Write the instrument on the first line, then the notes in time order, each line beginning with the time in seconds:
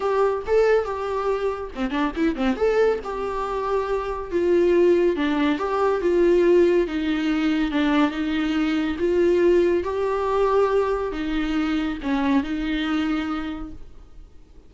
viola
0.00 G4
0.46 A4
0.84 G4
1.75 C4
1.90 D4
2.16 E4
2.35 C4
2.56 A4
3.04 G4
4.31 F4
5.15 D4
5.58 G4
6.01 F4
6.87 D#4
7.71 D4
8.11 D#4
8.98 F4
9.83 G4
11.12 D#4
12.02 C#4
12.43 D#4